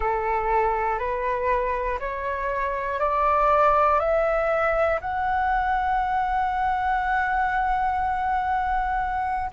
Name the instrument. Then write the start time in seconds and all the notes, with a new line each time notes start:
flute
0.00 A4
0.99 B4
1.99 C#5
2.99 D5
3.99 E5
5.00 F#5